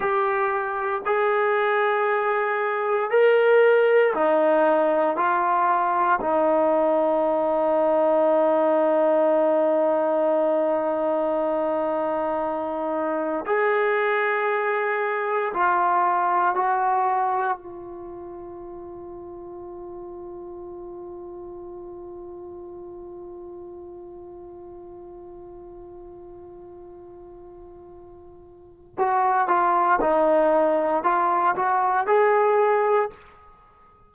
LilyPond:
\new Staff \with { instrumentName = "trombone" } { \time 4/4 \tempo 4 = 58 g'4 gis'2 ais'4 | dis'4 f'4 dis'2~ | dis'1~ | dis'4 gis'2 f'4 |
fis'4 f'2.~ | f'1~ | f'1 | fis'8 f'8 dis'4 f'8 fis'8 gis'4 | }